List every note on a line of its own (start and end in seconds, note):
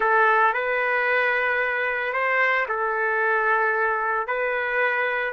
0.00 0.53 A4
0.53 2.13 B4
2.13 2.66 C5
2.68 4.27 A4
4.27 5.33 B4